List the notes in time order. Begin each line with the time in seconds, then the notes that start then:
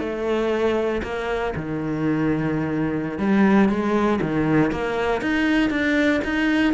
0.00 A3
1.03 A#3
1.56 D#3
3.18 G3
3.69 G#3
4.22 D#3
4.71 A#3
5.21 D#4
5.70 D4
6.24 D#4